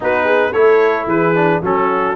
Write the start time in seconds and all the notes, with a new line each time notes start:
0.00 B3 D#4 F#4 B4
0.24 G#4
0.52 A3 E4 C#5
0.58 A4
1.07 E3 G#4 B4
1.35 D4
1.62 F#3 C#4 F#4 A4